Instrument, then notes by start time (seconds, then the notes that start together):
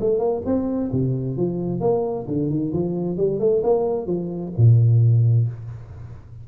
tuba
0.00 A3
0.19 A#3
0.45 C4
0.92 C3
1.37 F3
1.80 A#3
2.27 D3
2.50 D#3
2.72 F3
3.17 G3
3.39 A3
3.63 A#3
4.06 F3
4.57 A#2